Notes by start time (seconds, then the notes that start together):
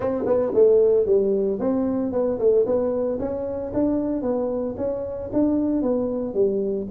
0.00 C4
0.25 B3
0.54 A3
1.05 G3
1.59 C4
2.11 B3
2.38 A3
2.65 B3
3.19 C#4
3.73 D4
4.22 B3
4.77 C#4
5.32 D4
5.81 B3
6.34 G3